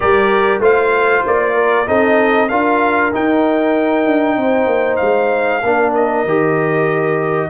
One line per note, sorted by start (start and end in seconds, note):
0.00 0.59 G3
0.00 0.61 G4
0.00 0.60 A#4
0.00 0.61 D5
0.59 1.21 A3
0.59 1.86 F4
0.59 1.54 C5
0.59 1.26 F5
1.25 1.87 A#3
1.25 1.88 D5
1.54 1.85 A#4
1.86 2.50 C4
1.86 2.49 D#4
1.86 2.49 A4
1.86 2.49 D#5
2.49 3.13 D4
2.49 3.12 F4
2.49 4.38 A#4
2.49 3.11 F5
3.12 5.62 D#4
3.12 4.06 D#4
3.12 4.96 G5
4.06 4.37 D4
4.37 4.66 C4
4.37 5.63 C5
4.66 4.97 A#3
4.96 5.63 G#3
4.96 5.90 F5
5.63 6.24 A#3
5.63 6.27 D4
5.63 7.49 A#4
5.94 7.49 D#5
6.24 7.49 D#3
6.24 7.49 G4